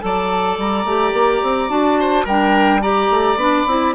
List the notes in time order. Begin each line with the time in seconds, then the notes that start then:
0.00 F#3 A4 D5 A5
0.57 G3 A#5
0.84 A3 G4
1.13 A#3
1.42 C4
1.68 D4 F#4 A5
2.00 C5
2.24 G3 D4 A#4 G5
2.81 G4 D5 A#5
3.10 A3
3.35 B3 D4 B5
3.66 C4 E4